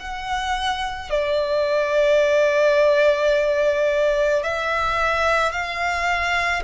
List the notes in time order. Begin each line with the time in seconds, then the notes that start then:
0.00 F#5
1.11 D5
4.43 E5
5.52 F5